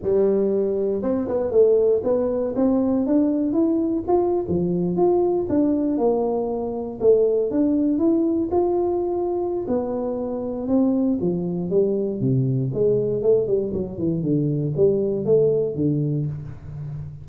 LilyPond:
\new Staff \with { instrumentName = "tuba" } { \time 4/4 \tempo 4 = 118 g2 c'8 b8 a4 | b4 c'4 d'4 e'4 | f'8. f4 f'4 d'4 ais16~ | ais4.~ ais16 a4 d'4 e'16~ |
e'8. f'2~ f'16 b4~ | b4 c'4 f4 g4 | c4 gis4 a8 g8 fis8 e8 | d4 g4 a4 d4 | }